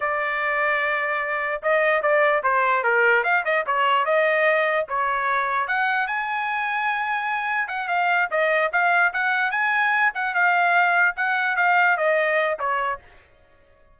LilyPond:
\new Staff \with { instrumentName = "trumpet" } { \time 4/4 \tempo 4 = 148 d''1 | dis''4 d''4 c''4 ais'4 | f''8 dis''8 cis''4 dis''2 | cis''2 fis''4 gis''4~ |
gis''2. fis''8 f''8~ | f''8 dis''4 f''4 fis''4 gis''8~ | gis''4 fis''8 f''2 fis''8~ | fis''8 f''4 dis''4. cis''4 | }